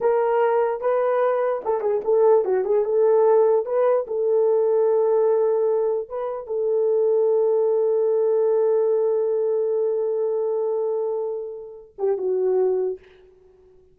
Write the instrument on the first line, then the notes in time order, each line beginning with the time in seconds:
horn
0.00 A#4
0.81 B4
1.64 A4
1.80 G#4
2.04 A4
2.44 F#4
2.64 G#4
2.85 A4
3.65 B4
4.07 A4
6.08 B4
6.46 A4
11.98 G4
12.17 F#4